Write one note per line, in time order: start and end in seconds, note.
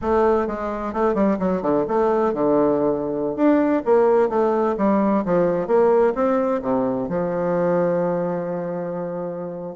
0.01 0.47 A3
0.47 0.93 G#3
0.93 1.14 A3
1.14 1.37 G3
1.39 1.62 F#3
1.62 1.85 D3
1.88 2.33 A3
2.33 3.36 D3
3.36 3.82 D4
3.85 4.29 A#3
4.29 4.75 A3
4.77 5.24 G3
5.25 5.67 F3
5.67 6.13 A#3
6.14 6.61 C4
6.62 7.08 C3
7.08 9.75 F3